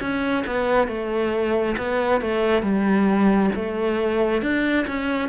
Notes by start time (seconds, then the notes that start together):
0.00 C#4
0.47 B3
0.88 A3
1.77 B3
2.21 A3
2.62 G3
3.55 A3
4.42 D4
4.87 C#4